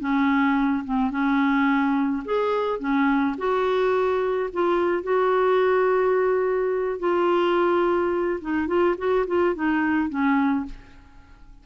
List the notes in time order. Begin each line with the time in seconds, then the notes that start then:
0.00 C#4
0.85 C4
1.11 C#4
2.25 G#4
2.80 C#4
3.38 F#4
4.53 F4
5.03 F#4
7.00 F4
8.41 D#4
8.68 F4
8.98 F#4
9.27 F4
9.55 D#4
10.10 C#4